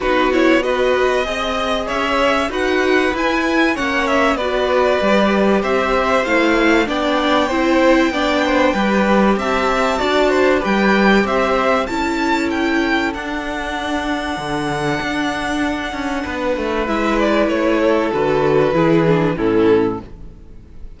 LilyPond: <<
  \new Staff \with { instrumentName = "violin" } { \time 4/4 \tempo 4 = 96 b'8 cis''8 dis''2 e''4 | fis''4 gis''4 fis''8 e''8 d''4~ | d''4 e''4 f''4 g''4~ | g''2. a''4~ |
a''4 g''4 e''4 a''4 | g''4 fis''2.~ | fis''2. e''8 d''8 | cis''4 b'2 a'4 | }
  \new Staff \with { instrumentName = "violin" } { \time 4/4 fis'4 b'4 dis''4 cis''4 | b'2 cis''4 b'4~ | b'4 c''2 d''4 | c''4 d''8 c''8 b'4 e''4 |
d''8 c''8 b'4 c''4 a'4~ | a'1~ | a'2 b'2~ | b'8 a'4. gis'4 e'4 | }
  \new Staff \with { instrumentName = "viola" } { \time 4/4 dis'8 e'8 fis'4 gis'2 | fis'4 e'4 cis'4 fis'4 | g'2 e'4 d'4 | e'4 d'4 g'2 |
fis'4 g'2 e'4~ | e'4 d'2.~ | d'2. e'4~ | e'4 fis'4 e'8 d'8 cis'4 | }
  \new Staff \with { instrumentName = "cello" } { \time 4/4 b2 c'4 cis'4 | dis'4 e'4 ais4 b4 | g4 c'4 a4 b4 | c'4 b4 g4 c'4 |
d'4 g4 c'4 cis'4~ | cis'4 d'2 d4 | d'4. cis'8 b8 a8 gis4 | a4 d4 e4 a,4 | }
>>